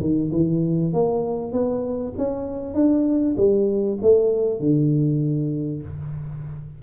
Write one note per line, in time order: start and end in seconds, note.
0.00 0.31 D#3
0.31 0.93 E3
0.93 1.52 A#3
1.52 2.13 B3
2.17 2.74 C#4
2.74 3.35 D4
3.36 3.98 G3
4.01 4.59 A3
4.59 5.82 D3